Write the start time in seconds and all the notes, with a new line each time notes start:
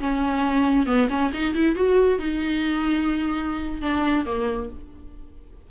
0.00 C#4
0.87 B3
1.10 C#4
1.34 D#4
1.55 E4
1.76 F#4
2.19 D#4
3.82 D4
4.26 A#3